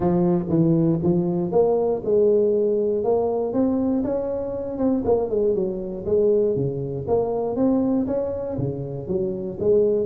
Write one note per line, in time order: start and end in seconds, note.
0.00 0.45 F3
0.49 0.99 E3
1.02 1.51 F3
1.51 2.02 A#3
2.04 3.03 G#3
3.03 3.53 A#3
3.53 4.03 C4
4.04 4.78 C#4
4.78 5.03 C4
5.04 5.29 A#3
5.29 5.55 G#3
5.55 6.05 F#3
6.05 6.55 G#3
6.55 7.06 C#3
7.07 7.56 A#3
7.56 8.06 C4
8.06 8.57 C#4
8.57 9.07 C#3
9.07 9.58 F#3
9.59 10.05 G#3